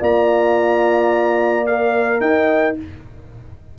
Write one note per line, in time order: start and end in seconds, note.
0.00 2.21 A#3
0.00 1.65 F4
0.00 2.20 D5
0.00 1.66 A#5
1.66 2.78 A#4
1.66 2.21 F5
2.21 2.76 D#4
2.21 2.76 D#5
2.21 2.76 G5